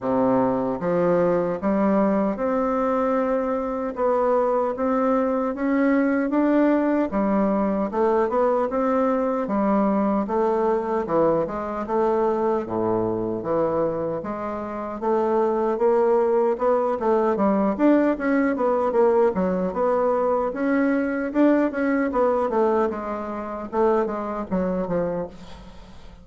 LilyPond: \new Staff \with { instrumentName = "bassoon" } { \time 4/4 \tempo 4 = 76 c4 f4 g4 c'4~ | c'4 b4 c'4 cis'4 | d'4 g4 a8 b8 c'4 | g4 a4 e8 gis8 a4 |
a,4 e4 gis4 a4 | ais4 b8 a8 g8 d'8 cis'8 b8 | ais8 fis8 b4 cis'4 d'8 cis'8 | b8 a8 gis4 a8 gis8 fis8 f8 | }